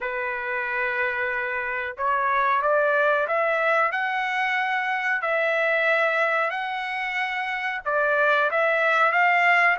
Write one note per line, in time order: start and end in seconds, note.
0.00 1.96 B4
1.97 2.62 C#5
2.62 3.27 D5
3.27 3.91 E5
3.91 5.21 F#5
5.21 6.50 E5
6.50 7.81 F#5
7.85 8.50 D5
8.50 9.12 E5
9.12 9.77 F5